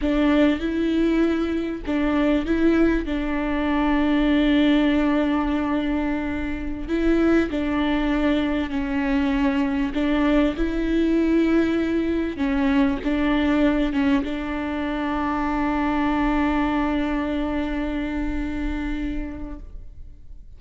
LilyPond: \new Staff \with { instrumentName = "viola" } { \time 4/4 \tempo 4 = 98 d'4 e'2 d'4 | e'4 d'2.~ | d'2.~ d'16 e'8.~ | e'16 d'2 cis'4.~ cis'16~ |
cis'16 d'4 e'2~ e'8.~ | e'16 cis'4 d'4. cis'8 d'8.~ | d'1~ | d'1 | }